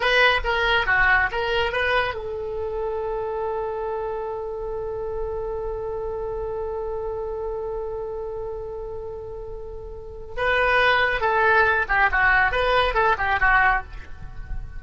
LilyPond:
\new Staff \with { instrumentName = "oboe" } { \time 4/4 \tempo 4 = 139 b'4 ais'4 fis'4 ais'4 | b'4 a'2.~ | a'1~ | a'1~ |
a'1~ | a'1 | b'2 a'4. g'8 | fis'4 b'4 a'8 g'8 fis'4 | }